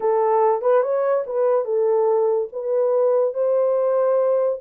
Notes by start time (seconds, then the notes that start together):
0.00 A4
0.61 B4
0.82 C#5
1.26 B4
1.64 A4
2.52 B4
3.34 C5